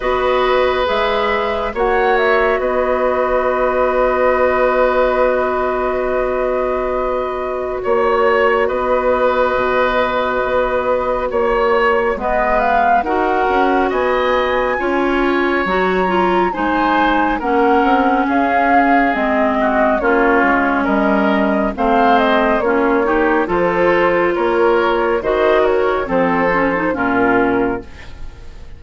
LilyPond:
<<
  \new Staff \with { instrumentName = "flute" } { \time 4/4 \tempo 4 = 69 dis''4 e''4 fis''8 e''8 dis''4~ | dis''1~ | dis''4 cis''4 dis''2~ | dis''4 cis''4 dis''8 f''8 fis''4 |
gis''2 ais''4 gis''4 | fis''4 f''4 dis''4 cis''4 | dis''4 f''8 dis''8 cis''4 c''4 | cis''4 dis''8 cis''8 c''4 ais'4 | }
  \new Staff \with { instrumentName = "oboe" } { \time 4/4 b'2 cis''4 b'4~ | b'1~ | b'4 cis''4 b'2~ | b'4 cis''4 b'4 ais'4 |
dis''4 cis''2 c''4 | ais'4 gis'4. fis'8 f'4 | ais'4 c''4 f'8 g'8 a'4 | ais'4 c''8 ais'8 a'4 f'4 | }
  \new Staff \with { instrumentName = "clarinet" } { \time 4/4 fis'4 gis'4 fis'2~ | fis'1~ | fis'1~ | fis'2 b4 fis'4~ |
fis'4 f'4 fis'8 f'8 dis'4 | cis'2 c'4 cis'4~ | cis'4 c'4 cis'8 dis'8 f'4~ | f'4 fis'4 c'8 cis'16 dis'16 cis'4 | }
  \new Staff \with { instrumentName = "bassoon" } { \time 4/4 b4 gis4 ais4 b4~ | b1~ | b4 ais4 b4 b,4 | b4 ais4 gis4 dis'8 cis'8 |
b4 cis'4 fis4 gis4 | ais8 c'8 cis'4 gis4 ais8 gis8 | g4 a4 ais4 f4 | ais4 dis4 f4 ais,4 | }
>>